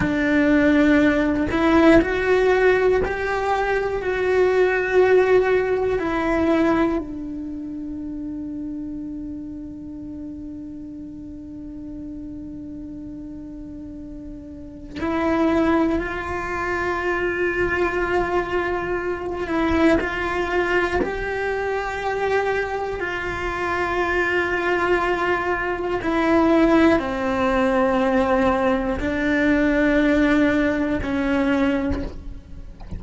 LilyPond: \new Staff \with { instrumentName = "cello" } { \time 4/4 \tempo 4 = 60 d'4. e'8 fis'4 g'4 | fis'2 e'4 d'4~ | d'1~ | d'2. e'4 |
f'2.~ f'8 e'8 | f'4 g'2 f'4~ | f'2 e'4 c'4~ | c'4 d'2 cis'4 | }